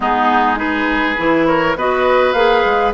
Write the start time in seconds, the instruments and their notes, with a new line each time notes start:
0.00 bassoon G#3, clarinet B3, oboe D#4, flute G#4
0.56 clarinet D#4, oboe G#4, flute B4
1.17 bassoon E3, clarinet E4
1.46 oboe A#4, flute C#5
1.75 bassoon B3, clarinet F#4, oboe B4, flute D#5
2.33 bassoon A#3, clarinet G#4, flute F5
2.65 bassoon G#3